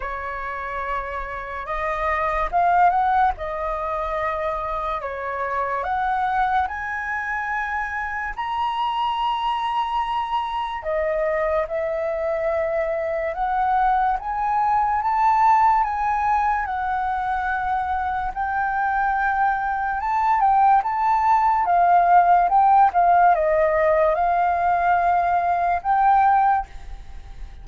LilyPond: \new Staff \with { instrumentName = "flute" } { \time 4/4 \tempo 4 = 72 cis''2 dis''4 f''8 fis''8 | dis''2 cis''4 fis''4 | gis''2 ais''2~ | ais''4 dis''4 e''2 |
fis''4 gis''4 a''4 gis''4 | fis''2 g''2 | a''8 g''8 a''4 f''4 g''8 f''8 | dis''4 f''2 g''4 | }